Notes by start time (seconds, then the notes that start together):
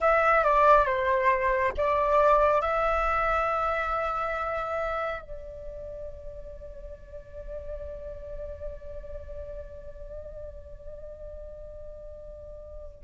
0.00 E5
0.43 D5
0.85 C5
1.77 D5
2.61 E5
5.21 D5